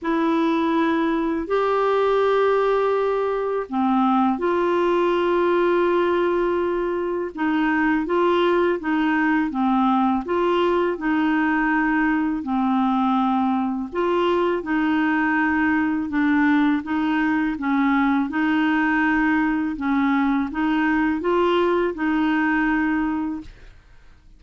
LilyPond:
\new Staff \with { instrumentName = "clarinet" } { \time 4/4 \tempo 4 = 82 e'2 g'2~ | g'4 c'4 f'2~ | f'2 dis'4 f'4 | dis'4 c'4 f'4 dis'4~ |
dis'4 c'2 f'4 | dis'2 d'4 dis'4 | cis'4 dis'2 cis'4 | dis'4 f'4 dis'2 | }